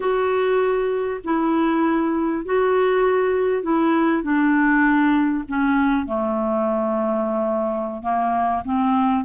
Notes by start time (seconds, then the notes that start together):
0.00 F#4
1.24 E4
2.45 F#4
3.63 E4
4.23 D4
5.48 C#4
6.06 A3
8.02 A#3
8.64 C4